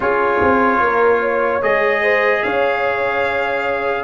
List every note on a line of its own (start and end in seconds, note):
0.00 0.41 C#4
0.00 1.61 F4
0.00 0.82 G#4
0.00 1.62 C#5
0.41 0.80 C4
0.80 1.61 A#3
0.80 1.19 A#4
1.19 2.00 C#5
1.62 2.43 G#3
1.62 4.03 G#4
1.62 2.42 D#5
2.02 2.42 C5
2.42 4.03 C#4
2.42 4.03 C#5
2.42 4.03 F5